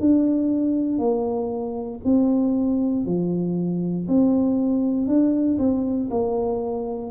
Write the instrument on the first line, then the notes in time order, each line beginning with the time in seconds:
tuba
0.00 D4
0.98 A#3
2.04 C4
3.05 F3
4.08 C4
5.07 D4
5.58 C4
6.10 A#3